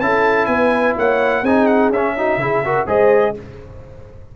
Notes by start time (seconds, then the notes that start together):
0.00 C#4 E4 A4 A5
0.46 B3 B4 G#5
0.97 A#3 C#5 F#5
1.42 C4 D#4 G#4 G#5
1.66 F#5
1.90 C#4 E5
2.17 D#4 F#4
2.37 C#3 E4 G#4
2.64 F#4 A#4
2.87 G#3 G#4 C5 D#5